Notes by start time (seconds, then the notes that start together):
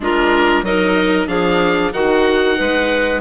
0.00 G#3 D4 F4 A#4
0.62 F#3 D#4 A#4 D#5
1.27 F3 D4 G#4 F5
1.92 D#3 D#4 F#4 F#5
2.57 G#3 B4